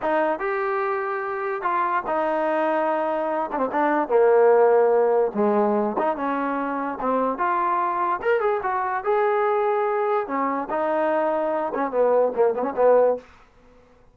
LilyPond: \new Staff \with { instrumentName = "trombone" } { \time 4/4 \tempo 4 = 146 dis'4 g'2. | f'4 dis'2.~ | dis'8 d'16 c'16 d'4 ais2~ | ais4 gis4. dis'8 cis'4~ |
cis'4 c'4 f'2 | ais'8 gis'8 fis'4 gis'2~ | gis'4 cis'4 dis'2~ | dis'8 cis'8 b4 ais8 b16 cis'16 b4 | }